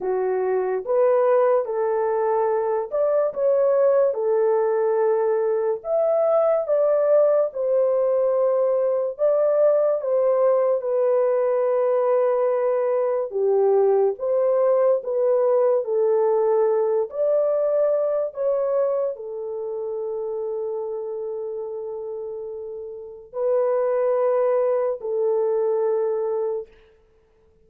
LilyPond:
\new Staff \with { instrumentName = "horn" } { \time 4/4 \tempo 4 = 72 fis'4 b'4 a'4. d''8 | cis''4 a'2 e''4 | d''4 c''2 d''4 | c''4 b'2. |
g'4 c''4 b'4 a'4~ | a'8 d''4. cis''4 a'4~ | a'1 | b'2 a'2 | }